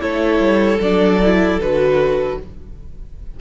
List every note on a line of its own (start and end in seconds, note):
0.00 0.39 A3
0.00 0.79 E4
0.00 2.39 A4
0.00 0.81 C#5
0.39 0.79 G3
0.81 1.59 F#3
0.81 1.22 D4
0.81 1.60 D5
1.22 1.61 E4
1.59 2.38 D3
1.59 2.41 F#4
1.59 2.40 B4